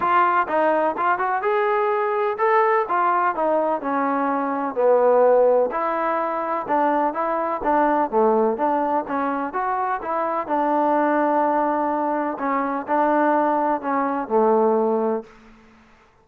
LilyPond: \new Staff \with { instrumentName = "trombone" } { \time 4/4 \tempo 4 = 126 f'4 dis'4 f'8 fis'8 gis'4~ | gis'4 a'4 f'4 dis'4 | cis'2 b2 | e'2 d'4 e'4 |
d'4 a4 d'4 cis'4 | fis'4 e'4 d'2~ | d'2 cis'4 d'4~ | d'4 cis'4 a2 | }